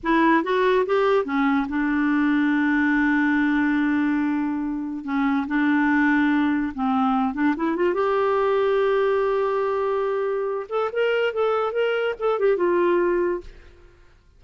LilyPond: \new Staff \with { instrumentName = "clarinet" } { \time 4/4 \tempo 4 = 143 e'4 fis'4 g'4 cis'4 | d'1~ | d'1 | cis'4 d'2. |
c'4. d'8 e'8 f'8 g'4~ | g'1~ | g'4. a'8 ais'4 a'4 | ais'4 a'8 g'8 f'2 | }